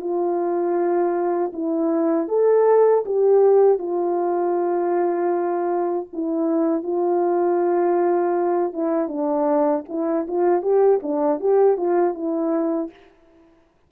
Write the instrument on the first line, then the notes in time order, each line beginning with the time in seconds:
horn
0.00 F4
1.53 E4
2.28 A4
3.06 G4
3.79 F4
6.13 E4
6.83 F4
8.73 E4
9.08 D4
9.89 E4
10.28 F4
10.62 G4
11.03 D4
11.40 G4
11.77 F4
12.14 E4